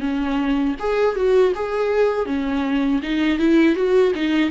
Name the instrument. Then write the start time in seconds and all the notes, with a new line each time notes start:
viola
0.00 C#4
0.79 G#4
1.15 F#4
1.55 G#4
2.26 C#4
3.02 D#4
3.38 E4
3.75 F#4
4.15 D#4